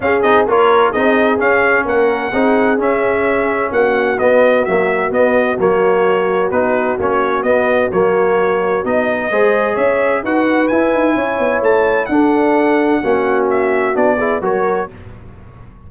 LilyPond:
<<
  \new Staff \with { instrumentName = "trumpet" } { \time 4/4 \tempo 4 = 129 f''8 dis''8 cis''4 dis''4 f''4 | fis''2 e''2 | fis''4 dis''4 e''4 dis''4 | cis''2 b'4 cis''4 |
dis''4 cis''2 dis''4~ | dis''4 e''4 fis''4 gis''4~ | gis''4 a''4 fis''2~ | fis''4 e''4 d''4 cis''4 | }
  \new Staff \with { instrumentName = "horn" } { \time 4/4 gis'4 ais'4 gis'2 | ais'4 gis'2. | fis'1~ | fis'1~ |
fis'1 | c''4 cis''4 b'2 | cis''2 a'2 | fis'2~ fis'8 gis'8 ais'4 | }
  \new Staff \with { instrumentName = "trombone" } { \time 4/4 cis'8 dis'8 f'4 dis'4 cis'4~ | cis'4 dis'4 cis'2~ | cis'4 b4 fis4 b4 | ais2 dis'4 cis'4 |
b4 ais2 dis'4 | gis'2 fis'4 e'4~ | e'2 d'2 | cis'2 d'8 e'8 fis'4 | }
  \new Staff \with { instrumentName = "tuba" } { \time 4/4 cis'8 c'8 ais4 c'4 cis'4 | ais4 c'4 cis'2 | ais4 b4 ais4 b4 | fis2 b4 ais4 |
b4 fis2 b4 | gis4 cis'4 dis'4 e'8 dis'8 | cis'8 b8 a4 d'2 | ais2 b4 fis4 | }
>>